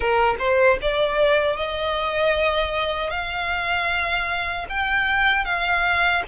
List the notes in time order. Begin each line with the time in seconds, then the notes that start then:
0.00 A#4
0.39 C5
0.81 D5
1.56 D#5
3.10 F5
4.69 G5
5.44 F5